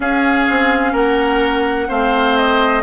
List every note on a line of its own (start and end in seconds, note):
0.00 1.89 C#4
0.00 0.48 C#4
0.00 0.92 G#4
0.00 0.95 F5
0.49 0.93 C4
0.92 1.88 A#3
0.92 1.87 A#4
0.92 1.90 F#5
1.88 2.83 A3
1.88 2.83 C4
1.88 2.83 C5
1.88 2.36 F5
2.36 2.83 D#5